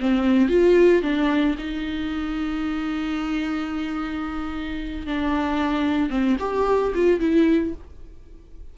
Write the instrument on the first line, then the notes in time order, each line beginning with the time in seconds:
viola
0.00 C4
0.49 F4
1.02 D4
1.59 D#4
5.07 D4
6.10 C4
6.39 G4
6.95 F4
7.20 E4